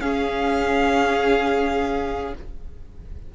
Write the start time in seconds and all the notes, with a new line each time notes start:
0.00 C#4 G#4 F5